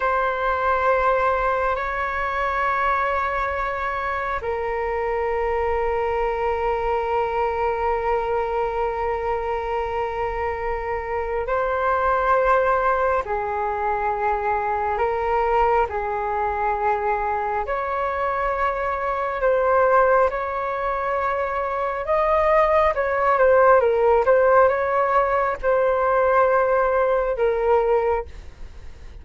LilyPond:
\new Staff \with { instrumentName = "flute" } { \time 4/4 \tempo 4 = 68 c''2 cis''2~ | cis''4 ais'2.~ | ais'1~ | ais'4 c''2 gis'4~ |
gis'4 ais'4 gis'2 | cis''2 c''4 cis''4~ | cis''4 dis''4 cis''8 c''8 ais'8 c''8 | cis''4 c''2 ais'4 | }